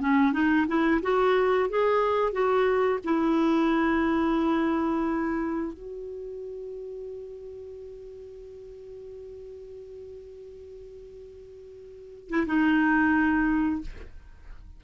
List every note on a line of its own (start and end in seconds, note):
0.00 0.32 C#4
0.32 0.66 D#4
0.67 1.01 E4
1.02 1.69 F#4
1.69 2.32 G#4
2.32 2.99 F#4
3.04 5.73 E4
5.73 12.29 F#4
12.29 12.46 E4
12.46 13.81 D#4